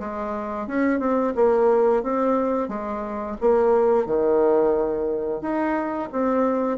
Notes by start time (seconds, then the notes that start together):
0.00 G#3
0.68 C#4
1.00 C4
1.36 A#3
2.03 C4
2.69 G#3
3.41 A#3
4.06 D#3
5.41 D#4
6.12 C4